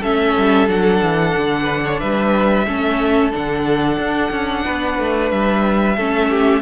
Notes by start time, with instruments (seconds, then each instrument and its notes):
0.00 cello A3, viola C#4, violin A4 E5
0.37 cello G3
0.67 cello F#3, viola D4, violin F#5
1.02 cello E3
1.37 cello D3
1.63 violin B4
1.84 violin C#5
1.99 cello G3, violin B4 E5
2.66 cello A3, viola C#4, violin A4
3.31 cello D3, viola D4, violin F#5
3.97 cello D4
4.30 cello C#4
4.65 cello B3, violin B4
4.99 cello A3
5.30 cello G3, violin E5
5.96 cello A3, viola C#4, violin A4
6.30 violin G4